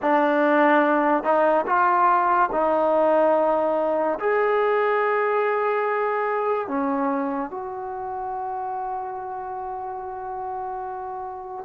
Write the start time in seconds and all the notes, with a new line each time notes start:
0.02 D4
1.23 D#4
1.66 F4
2.52 D#4
4.19 G#4
6.67 C#4
7.50 F#4